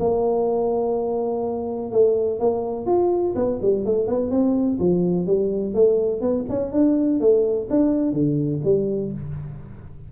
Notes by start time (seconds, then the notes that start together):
0.00 A#3
1.92 A3
2.40 A#3
2.86 F4
3.36 B3
3.62 G3
3.86 A3
4.08 B3
4.31 C4
4.80 F3
5.27 G3
5.74 A3
6.21 B3
6.50 C#4
6.73 D4
7.20 A3
7.71 D4
8.13 D3
8.65 G3